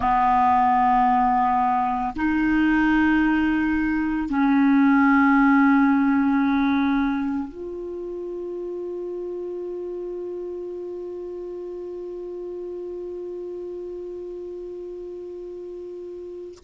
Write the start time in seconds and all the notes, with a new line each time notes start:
0.00 B3
2.16 D#4
4.29 C#4
7.48 F4